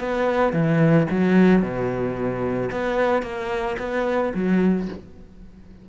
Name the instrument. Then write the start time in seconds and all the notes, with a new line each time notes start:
cello
0.00 B3
0.53 E3
1.11 F#3
1.62 B2
2.71 B3
3.23 A#3
3.79 B3
4.35 F#3